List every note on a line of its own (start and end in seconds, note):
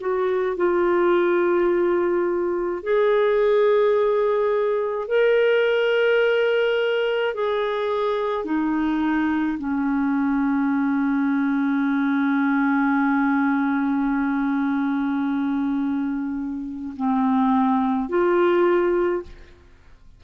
0.00 0.57 F#4
0.57 2.83 F4
2.83 5.07 G#4
5.07 7.34 A#4
7.34 8.44 G#4
8.44 9.58 D#4
9.58 16.94 C#4
16.97 18.09 C4
18.09 19.22 F4